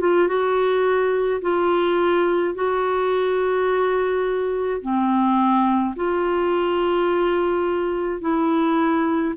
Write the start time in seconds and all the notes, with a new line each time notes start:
0.00 F4
0.27 F#4
1.41 F4
2.54 F#4
4.81 C4
5.95 F4
8.21 E4